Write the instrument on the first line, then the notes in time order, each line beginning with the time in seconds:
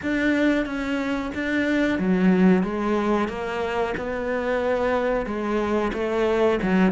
cello
0.02 D4
0.65 C#4
1.34 D4
1.98 F#3
2.63 G#3
3.28 A#3
3.97 B3
5.25 G#3
5.93 A3
6.62 F#3